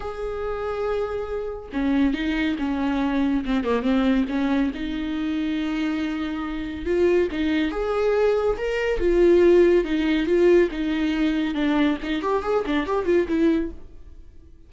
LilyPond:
\new Staff \with { instrumentName = "viola" } { \time 4/4 \tempo 4 = 140 gis'1 | cis'4 dis'4 cis'2 | c'8 ais8 c'4 cis'4 dis'4~ | dis'1 |
f'4 dis'4 gis'2 | ais'4 f'2 dis'4 | f'4 dis'2 d'4 | dis'8 g'8 gis'8 d'8 g'8 f'8 e'4 | }